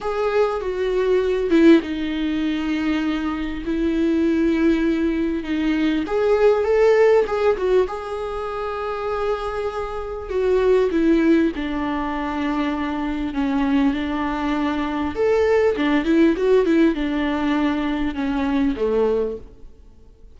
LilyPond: \new Staff \with { instrumentName = "viola" } { \time 4/4 \tempo 4 = 99 gis'4 fis'4. e'8 dis'4~ | dis'2 e'2~ | e'4 dis'4 gis'4 a'4 | gis'8 fis'8 gis'2.~ |
gis'4 fis'4 e'4 d'4~ | d'2 cis'4 d'4~ | d'4 a'4 d'8 e'8 fis'8 e'8 | d'2 cis'4 a4 | }